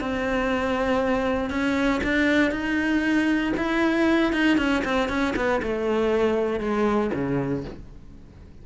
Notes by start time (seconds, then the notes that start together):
0.00 C4
1.50 C#4
2.03 D4
2.51 D#4
3.57 E4
4.33 D#4
4.57 C#4
4.84 C4
5.08 C#4
5.36 B3
5.62 A3
6.60 G#3
7.13 C#3